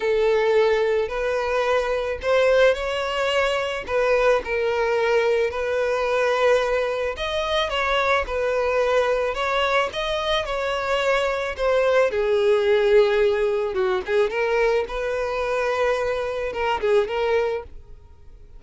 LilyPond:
\new Staff \with { instrumentName = "violin" } { \time 4/4 \tempo 4 = 109 a'2 b'2 | c''4 cis''2 b'4 | ais'2 b'2~ | b'4 dis''4 cis''4 b'4~ |
b'4 cis''4 dis''4 cis''4~ | cis''4 c''4 gis'2~ | gis'4 fis'8 gis'8 ais'4 b'4~ | b'2 ais'8 gis'8 ais'4 | }